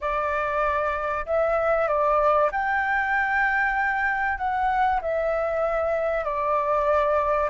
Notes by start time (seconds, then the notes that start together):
0.00 D5
1.26 E5
1.88 D5
2.51 G5
4.38 F#5
5.01 E5
6.24 D5